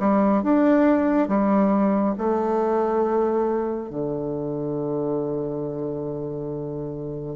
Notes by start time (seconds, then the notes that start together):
0.00 G3
0.43 D4
1.28 G3
2.18 A3
3.90 D3